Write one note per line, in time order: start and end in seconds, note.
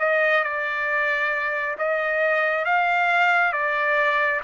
0.00 0.44 D#5
0.44 1.76 D5
1.78 2.66 D#5
2.66 3.53 F5
3.53 4.41 D5